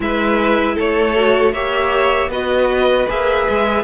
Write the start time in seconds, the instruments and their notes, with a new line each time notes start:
0.00 cello G#3, viola E4, violin B4 E5
0.74 cello A3, violin A4 C#5
1.15 viola F#4
1.53 cello A#3, viola G4, violin C#5 E5
2.29 cello B3, viola F#4, violin B4 D#5
3.08 cello A#3, viola G#4, violin E5
3.49 cello G#3